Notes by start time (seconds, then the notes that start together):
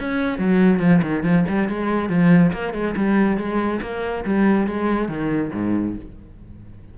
0.00 C#4
0.39 F#3
0.80 F3
1.03 D#3
1.24 F3
1.49 G3
1.69 G#3
2.10 F3
2.53 A#3
2.74 G#3
2.97 G3
3.38 G#3
3.82 A#3
4.25 G3
4.67 G#3
5.09 D#3
5.54 G#2